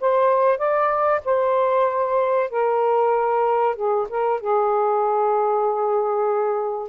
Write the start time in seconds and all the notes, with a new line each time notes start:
0.00 C5
0.58 D5
1.25 C5
2.50 A#4
3.76 G#4
4.09 A#4
4.40 G#4